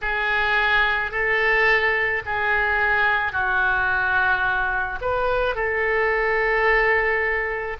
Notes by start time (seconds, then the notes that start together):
0.01 G#4
1.11 A4
2.25 G#4
3.32 F#4
5.01 B4
5.55 A4